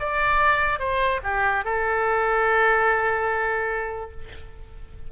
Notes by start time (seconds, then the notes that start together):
0.00 D5
0.80 C5
1.24 G4
1.65 A4